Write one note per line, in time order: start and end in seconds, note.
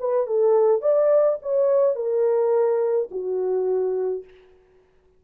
0.00 0.27 B4
0.27 0.82 A4
0.82 1.38 D5
1.43 1.96 C#5
1.96 3.09 A#4
3.11 4.24 F#4